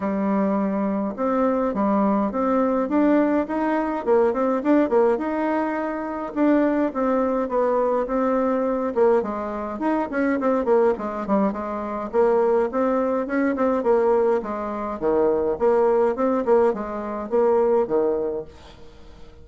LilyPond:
\new Staff \with { instrumentName = "bassoon" } { \time 4/4 \tempo 4 = 104 g2 c'4 g4 | c'4 d'4 dis'4 ais8 c'8 | d'8 ais8 dis'2 d'4 | c'4 b4 c'4. ais8 |
gis4 dis'8 cis'8 c'8 ais8 gis8 g8 | gis4 ais4 c'4 cis'8 c'8 | ais4 gis4 dis4 ais4 | c'8 ais8 gis4 ais4 dis4 | }